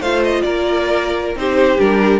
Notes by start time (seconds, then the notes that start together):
0.00 A3 F4 C5 F5
0.24 D#5
0.42 A#3 A#4 D5
1.35 C4 D#4 G4 C5
1.79 G3 D4 A#4